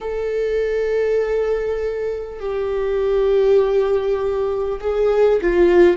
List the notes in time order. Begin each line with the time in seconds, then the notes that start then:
0.01 A4
2.39 G4
4.80 G#4
5.41 F4